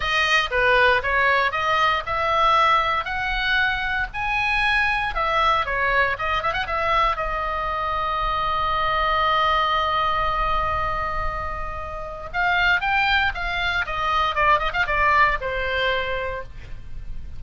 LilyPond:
\new Staff \with { instrumentName = "oboe" } { \time 4/4 \tempo 4 = 117 dis''4 b'4 cis''4 dis''4 | e''2 fis''2 | gis''2 e''4 cis''4 | dis''8 e''16 fis''16 e''4 dis''2~ |
dis''1~ | dis''1 | f''4 g''4 f''4 dis''4 | d''8 dis''16 f''16 d''4 c''2 | }